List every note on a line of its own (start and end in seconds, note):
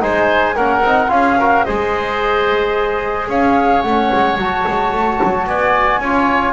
0.00 0.56 G#3
0.00 0.55 D#4
0.00 0.56 C5
0.00 0.56 G#5
0.56 0.82 A#3
0.56 0.85 C#4
0.56 1.10 A#4
0.56 1.10 F#5
0.82 1.09 C4
0.82 1.08 D#4
1.08 1.64 C#4
1.08 1.35 F4
1.08 1.39 G#4
1.08 1.64 F5
1.39 1.67 F#4
1.39 1.65 A#4
1.64 3.28 G#3
1.64 3.85 G#4
1.64 3.29 C5
1.64 3.28 D#5
3.28 3.83 C#4
3.28 5.47 C#5
3.28 3.82 F5
3.82 4.11 A3
3.82 4.39 C#4
3.82 4.37 F#5
4.14 4.38 G#3
4.38 4.65 F#3
4.38 6.02 F#4
4.38 5.47 A5
4.68 4.93 G#3
4.93 5.20 A3
5.23 5.47 F#3
5.47 5.99 B3
5.47 6.00 D5
5.47 6.53 G#5
5.99 6.53 C#4
5.99 6.53 F4
5.99 6.53 C#5